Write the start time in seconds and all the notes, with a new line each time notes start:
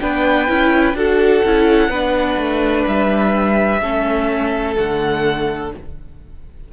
0.00 B3 D4 B4 G5
0.48 C#4 E4
0.94 D4 F#4 A4 F#5
1.44 C#4 E4
1.88 B3 D4 B4
2.37 A3
2.87 G3 E5
3.81 A3 C#4 A4
4.76 D3 A3 F#5